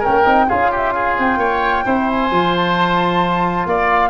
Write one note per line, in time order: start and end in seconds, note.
0.00 0.25 C#4
0.00 0.45 A#4
0.00 0.50 G5
0.08 0.26 A#3
0.25 0.48 C4
0.25 0.47 D#4
0.49 1.18 C#4
0.49 1.86 F4
0.49 0.71 G#4
0.49 0.73 F5
0.71 0.94 G4
0.71 0.93 E5
0.93 1.39 G#4
0.93 1.16 F5
1.18 1.38 C4
1.18 2.10 G5
1.38 1.83 A#3
1.38 1.85 C#5
1.86 2.31 C4
1.86 2.31 E4
1.86 3.68 C5
2.10 2.55 G#5
2.31 3.66 F3
2.31 4.10 F4
2.56 3.67 A5
3.66 4.10 A#3
3.66 4.10 D5
3.66 4.10 F5